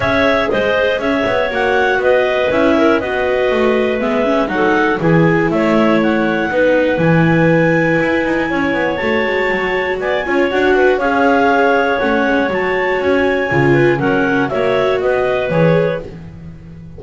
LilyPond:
<<
  \new Staff \with { instrumentName = "clarinet" } { \time 4/4 \tempo 4 = 120 e''4 dis''4 e''4 fis''4 | dis''4 e''4 dis''2 | e''4 fis''4 gis''4 e''4 | fis''2 gis''2~ |
gis''2 a''2 | gis''4 fis''4 f''2 | fis''4 a''4 gis''2 | fis''4 e''4 dis''4 cis''4 | }
  \new Staff \with { instrumentName = "clarinet" } { \time 4/4 cis''4 c''4 cis''2 | b'4. ais'8 b'2~ | b'4 a'4 gis'4 cis''4~ | cis''4 b'2.~ |
b'4 cis''2. | d''8 cis''4 b'8 cis''2~ | cis''2.~ cis''8 b'8 | ais'4 cis''4 b'2 | }
  \new Staff \with { instrumentName = "viola" } { \time 4/4 gis'2. fis'4~ | fis'4 e'4 fis'2 | b8 cis'8 dis'4 e'2~ | e'4 dis'4 e'2~ |
e'2 fis'2~ | fis'8 f'8 fis'4 gis'2 | cis'4 fis'2 f'4 | cis'4 fis'2 gis'4 | }
  \new Staff \with { instrumentName = "double bass" } { \time 4/4 cis'4 gis4 cis'8 b8 ais4 | b4 cis'4 b4 a4 | gis4 fis4 e4 a4~ | a4 b4 e2 |
e'8 dis'8 cis'8 b8 a8 gis8 fis4 | b8 cis'8 d'4 cis'2 | a8 gis8 fis4 cis'4 cis4 | fis4 ais4 b4 e4 | }
>>